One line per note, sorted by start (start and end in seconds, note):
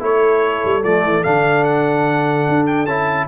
0.00 0.63 A3
0.00 0.82 E4
0.00 3.28 A4
0.00 0.84 C#5
0.65 0.84 G3
0.84 1.04 F3
0.84 1.24 A3
0.84 1.24 D5
1.04 1.25 E3
1.24 2.49 D3
1.24 2.88 D4
1.24 1.64 F5
1.64 2.66 F#5
2.49 2.86 D4
2.67 2.86 G5
2.86 3.27 C#4
2.86 3.28 E4
2.86 3.27 A5